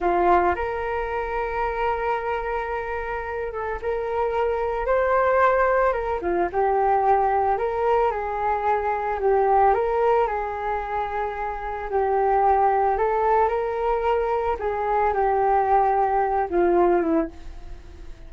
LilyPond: \new Staff \with { instrumentName = "flute" } { \time 4/4 \tempo 4 = 111 f'4 ais'2.~ | ais'2~ ais'8 a'8 ais'4~ | ais'4 c''2 ais'8 f'8 | g'2 ais'4 gis'4~ |
gis'4 g'4 ais'4 gis'4~ | gis'2 g'2 | a'4 ais'2 gis'4 | g'2~ g'8 f'4 e'8 | }